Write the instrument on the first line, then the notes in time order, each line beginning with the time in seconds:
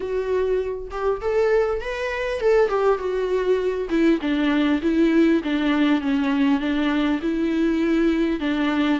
viola
0.00 F#4
0.90 G4
1.21 A4
1.80 B4
2.40 A4
2.68 G4
2.98 F#4
3.89 E4
4.21 D4
4.82 E4
5.43 D4
6.01 C#4
6.60 D4
7.21 E4
8.40 D4